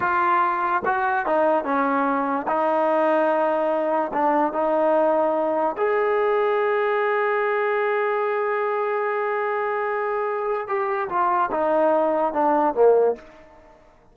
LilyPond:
\new Staff \with { instrumentName = "trombone" } { \time 4/4 \tempo 4 = 146 f'2 fis'4 dis'4 | cis'2 dis'2~ | dis'2 d'4 dis'4~ | dis'2 gis'2~ |
gis'1~ | gis'1~ | gis'2 g'4 f'4 | dis'2 d'4 ais4 | }